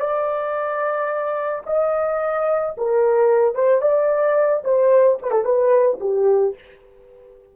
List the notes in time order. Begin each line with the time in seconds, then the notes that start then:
0.00 D5
1.67 D#5
2.77 A#4
3.55 C5
3.82 D5
4.64 C5
5.22 B4
5.31 A4
5.45 B4
6.00 G4